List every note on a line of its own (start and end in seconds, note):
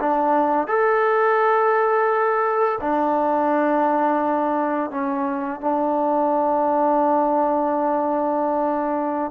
0.00 0.68 D4
0.68 2.79 A4
2.81 4.91 D4
4.91 5.61 C#4
5.61 9.31 D4